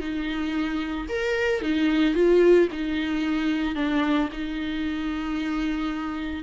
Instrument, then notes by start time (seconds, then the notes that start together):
viola
0.00 D#4
1.09 A#4
1.61 D#4
2.14 F4
2.72 D#4
3.75 D4
4.32 D#4